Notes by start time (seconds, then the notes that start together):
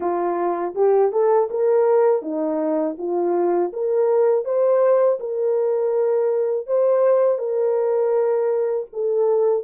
0.00 F4
0.74 G4
1.11 A4
1.50 A#4
2.22 D#4
2.98 F4
3.72 A#4
4.44 C5
5.19 A#4
6.66 C5
7.38 A#4
8.92 A4